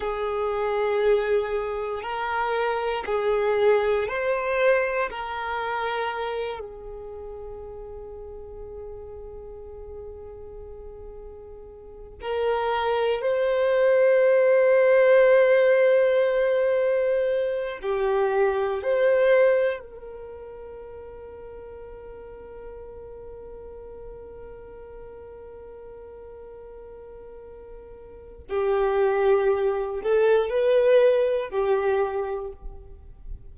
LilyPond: \new Staff \with { instrumentName = "violin" } { \time 4/4 \tempo 4 = 59 gis'2 ais'4 gis'4 | c''4 ais'4. gis'4.~ | gis'1 | ais'4 c''2.~ |
c''4. g'4 c''4 ais'8~ | ais'1~ | ais'1 | g'4. a'8 b'4 g'4 | }